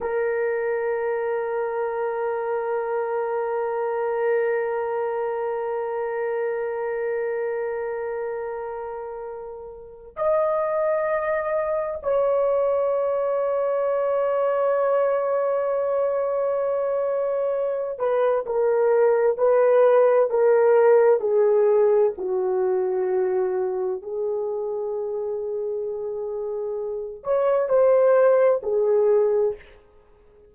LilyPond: \new Staff \with { instrumentName = "horn" } { \time 4/4 \tempo 4 = 65 ais'1~ | ais'1~ | ais'2. dis''4~ | dis''4 cis''2.~ |
cis''2.~ cis''8 b'8 | ais'4 b'4 ais'4 gis'4 | fis'2 gis'2~ | gis'4. cis''8 c''4 gis'4 | }